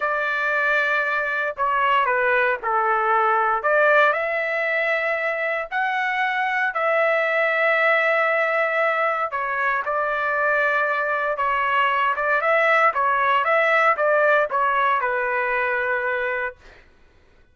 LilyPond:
\new Staff \with { instrumentName = "trumpet" } { \time 4/4 \tempo 4 = 116 d''2. cis''4 | b'4 a'2 d''4 | e''2. fis''4~ | fis''4 e''2.~ |
e''2 cis''4 d''4~ | d''2 cis''4. d''8 | e''4 cis''4 e''4 d''4 | cis''4 b'2. | }